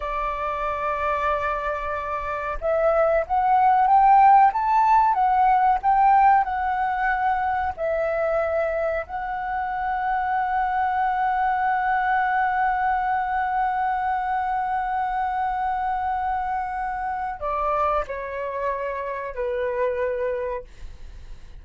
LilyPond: \new Staff \with { instrumentName = "flute" } { \time 4/4 \tempo 4 = 93 d''1 | e''4 fis''4 g''4 a''4 | fis''4 g''4 fis''2 | e''2 fis''2~ |
fis''1~ | fis''1~ | fis''2. d''4 | cis''2 b'2 | }